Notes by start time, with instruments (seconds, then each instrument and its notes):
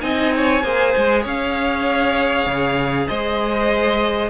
0.00 cello C4, viola D#4, violin D#5 G#5
0.35 violin C#5
0.63 cello A#3, viola G#4, violin C5
0.97 cello G#3
1.21 cello C#4, violin C#5 F5
2.46 cello C#3
3.07 cello G#3, violin C5 D#5